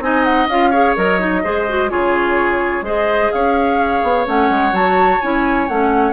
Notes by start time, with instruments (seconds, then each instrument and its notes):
0.00 bassoon C4, clarinet D#4, oboe D#5, flute G#5
0.24 flute F#5
0.48 bassoon C#4, clarinet F4, flute F5
0.71 clarinet G#4, oboe C#5
0.96 bassoon F#3, clarinet A#4, flute D#5
1.20 clarinet D#4
1.44 bassoon G#3, clarinet G#4, oboe C5
1.68 clarinet F#4
1.89 bassoon C#3, clarinet F4, oboe G#4, flute C#5
2.81 bassoon G#3, clarinet G#4, oboe C5, flute D#5
3.32 bassoon C#4, oboe C#5, flute F5
4.03 bassoon B3
4.26 bassoon A3, clarinet C#4, flute F#5
4.49 bassoon G#3
4.72 bassoon F#3, clarinet F#4, flute A5
5.21 bassoon C#4, clarinet E4, flute G#5
5.68 bassoon A3, clarinet C#4, flute F#5